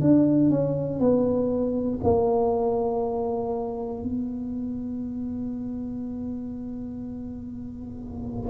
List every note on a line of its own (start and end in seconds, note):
0.00 0.50 D4
0.50 1.00 C#4
1.00 2.00 B3
2.03 4.03 A#3
4.03 8.49 B3